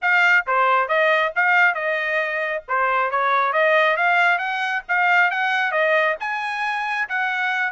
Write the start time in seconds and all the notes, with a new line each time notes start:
0.01 F5
0.46 C5
0.88 D#5
1.35 F5
1.74 D#5
2.68 C5
3.10 C#5
3.52 D#5
3.96 F5
4.38 F#5
4.88 F5
5.30 F#5
5.71 D#5
6.20 G#5
7.08 F#5